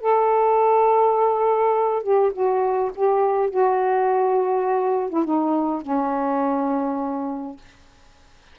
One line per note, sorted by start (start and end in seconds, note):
0.00 2.03 A4
2.03 2.32 G4
2.32 2.90 F#4
2.95 3.50 G4
3.50 5.09 F#4
5.09 5.24 E4
5.24 5.82 D#4
5.82 7.56 C#4